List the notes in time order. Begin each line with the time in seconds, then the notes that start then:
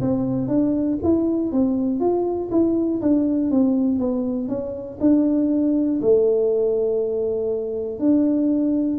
0.00 C4
0.48 D4
1.03 E4
1.52 C4
2.00 F4
2.50 E4
3.01 D4
3.50 C4
3.99 B3
4.48 C#4
5.00 D4
6.01 A3
7.99 D4